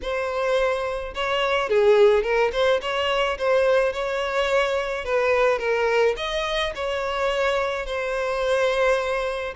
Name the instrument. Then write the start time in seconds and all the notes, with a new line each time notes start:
violin
0.02 C5
1.14 C#5
1.69 G#4
2.23 A#4
2.52 C5
2.81 C#5
3.37 C5
3.93 C#5
5.04 B4
5.58 A#4
6.16 D#5
6.75 C#5
7.86 C5